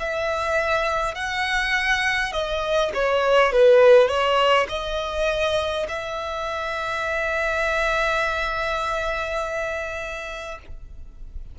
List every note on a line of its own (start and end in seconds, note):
0.00 1.15 E5
1.15 2.33 F#5
2.33 2.91 D#5
2.94 3.52 C#5
3.52 4.08 B4
4.08 4.67 C#5
4.69 5.87 D#5
5.88 10.59 E5